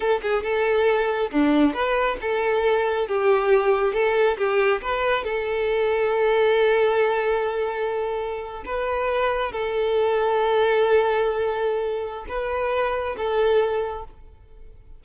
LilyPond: \new Staff \with { instrumentName = "violin" } { \time 4/4 \tempo 4 = 137 a'8 gis'8 a'2 d'4 | b'4 a'2 g'4~ | g'4 a'4 g'4 b'4 | a'1~ |
a'2.~ a'8. b'16~ | b'4.~ b'16 a'2~ a'16~ | a'1 | b'2 a'2 | }